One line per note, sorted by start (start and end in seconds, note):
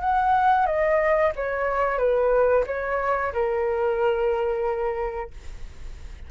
0.00 0.66 F#5
0.66 1.32 D#5
1.35 1.98 C#5
1.98 2.64 B4
2.66 3.32 C#5
3.33 5.30 A#4